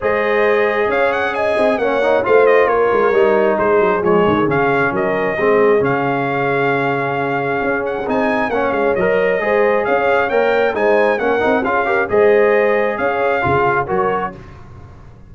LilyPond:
<<
  \new Staff \with { instrumentName = "trumpet" } { \time 4/4 \tempo 4 = 134 dis''2 f''8 fis''8 gis''4 | fis''4 f''8 dis''8 cis''2 | c''4 cis''4 f''4 dis''4~ | dis''4 f''2.~ |
f''4. fis''8 gis''4 fis''8 f''8 | dis''2 f''4 g''4 | gis''4 fis''4 f''4 dis''4~ | dis''4 f''2 cis''4 | }
  \new Staff \with { instrumentName = "horn" } { \time 4/4 c''2 cis''4 dis''4 | cis''4 c''4 ais'2 | gis'2. ais'4 | gis'1~ |
gis'2. cis''4~ | cis''4 c''4 cis''2 | c''4 ais'4 gis'8 ais'8 c''4~ | c''4 cis''4 gis'4 ais'4 | }
  \new Staff \with { instrumentName = "trombone" } { \time 4/4 gis'1 | cis'8 dis'8 f'2 dis'4~ | dis'4 gis4 cis'2 | c'4 cis'2.~ |
cis'2 dis'4 cis'4 | ais'4 gis'2 ais'4 | dis'4 cis'8 dis'8 f'8 g'8 gis'4~ | gis'2 f'4 fis'4 | }
  \new Staff \with { instrumentName = "tuba" } { \time 4/4 gis2 cis'4. c'8 | ais4 a4 ais8 gis8 g4 | gis8 fis8 f8 dis8 cis4 fis4 | gis4 cis2.~ |
cis4 cis'4 c'4 ais8 gis8 | fis4 gis4 cis'4 ais4 | gis4 ais8 c'8 cis'4 gis4~ | gis4 cis'4 cis4 fis4 | }
>>